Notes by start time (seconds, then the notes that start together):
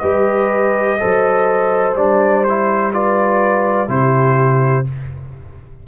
0.00 G3 G4 B4 D#5
0.99 F#3 A4 C5
1.95 G3 D4 D5
2.44 E4 C5
2.93 F4 B4 D5
3.88 C3 E4 G4 C5